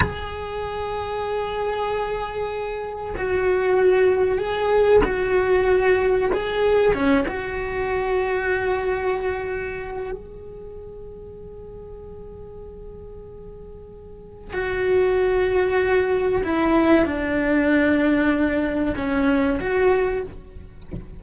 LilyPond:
\new Staff \with { instrumentName = "cello" } { \time 4/4 \tempo 4 = 95 gis'1~ | gis'4 fis'2 gis'4 | fis'2 gis'4 cis'8 fis'8~ | fis'1 |
gis'1~ | gis'2. fis'4~ | fis'2 e'4 d'4~ | d'2 cis'4 fis'4 | }